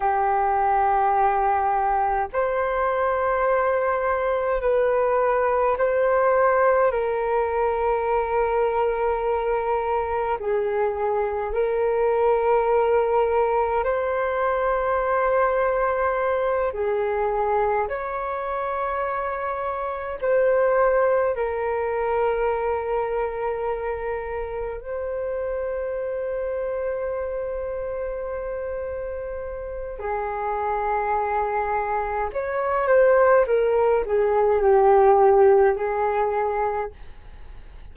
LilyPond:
\new Staff \with { instrumentName = "flute" } { \time 4/4 \tempo 4 = 52 g'2 c''2 | b'4 c''4 ais'2~ | ais'4 gis'4 ais'2 | c''2~ c''8 gis'4 cis''8~ |
cis''4. c''4 ais'4.~ | ais'4. c''2~ c''8~ | c''2 gis'2 | cis''8 c''8 ais'8 gis'8 g'4 gis'4 | }